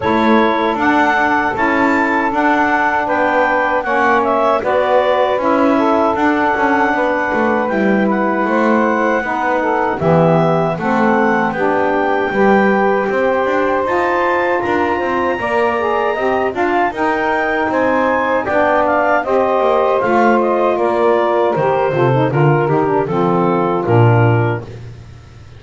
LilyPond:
<<
  \new Staff \with { instrumentName = "clarinet" } { \time 4/4 \tempo 4 = 78 cis''4 fis''4 a''4 fis''4 | g''4 fis''8 e''8 d''4 e''4 | fis''2 g''8 fis''4.~ | fis''4 e''4 fis''4 g''4~ |
g''2 a''4 ais''4~ | ais''4. a''8 g''4 gis''4 | g''8 f''8 dis''4 f''8 dis''8 d''4 | c''4 ais'8 g'8 a'4 ais'4 | }
  \new Staff \with { instrumentName = "saxophone" } { \time 4/4 a'1 | b'4 cis''4 b'4. a'8~ | a'4 b'2 c''4 | b'8 a'8 g'4 a'4 g'4 |
b'4 c''2 ais'8 c''8 | d''4 dis''8 f''8 ais'4 c''4 | d''4 c''2 ais'4~ | ais'8 a'8 ais'4 f'2 | }
  \new Staff \with { instrumentName = "saxophone" } { \time 4/4 e'4 d'4 e'4 d'4~ | d'4 cis'4 fis'4 e'4 | d'2 e'2 | dis'4 b4 c'4 d'4 |
g'2 f'2 | ais'8 gis'8 g'8 f'8 dis'2 | d'4 g'4 f'2 | g'8 f'16 dis'16 f'8 dis'16 d'16 c'4 d'4 | }
  \new Staff \with { instrumentName = "double bass" } { \time 4/4 a4 d'4 cis'4 d'4 | b4 ais4 b4 cis'4 | d'8 cis'8 b8 a8 g4 a4 | b4 e4 a4 b4 |
g4 c'8 d'8 dis'4 d'8 c'8 | ais4 c'8 d'8 dis'4 c'4 | b4 c'8 ais8 a4 ais4 | dis8 c8 d8 dis8 f4 ais,4 | }
>>